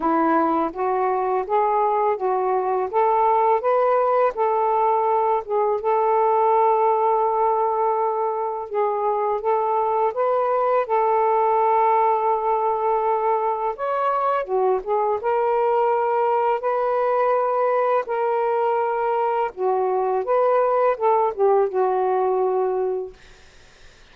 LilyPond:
\new Staff \with { instrumentName = "saxophone" } { \time 4/4 \tempo 4 = 83 e'4 fis'4 gis'4 fis'4 | a'4 b'4 a'4. gis'8 | a'1 | gis'4 a'4 b'4 a'4~ |
a'2. cis''4 | fis'8 gis'8 ais'2 b'4~ | b'4 ais'2 fis'4 | b'4 a'8 g'8 fis'2 | }